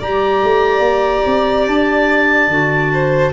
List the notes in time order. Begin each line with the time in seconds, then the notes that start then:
0.00 G3 G4 D5 A#5
0.44 A3
0.80 A#3
1.26 C4
1.67 D4 A5
2.48 D3 F#4
2.94 C5